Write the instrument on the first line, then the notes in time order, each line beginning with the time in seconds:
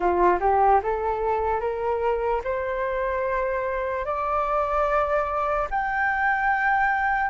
flute
0.00 F4
0.40 G4
0.83 A4
1.60 A#4
2.44 C5
4.05 D5
5.70 G5